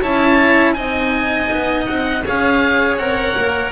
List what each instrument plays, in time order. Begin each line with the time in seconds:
0.00 double bass C#4, cello E4, violin C#5, oboe A5
0.73 double bass C4, cello D#4, violin D#5, oboe G#5
1.51 double bass B3
1.86 double bass C4, oboe F#5
2.24 double bass C#4, cello G#4, violin C#5, oboe F5
2.97 double bass C4, cello A#4, oboe F#5
3.37 double bass A#3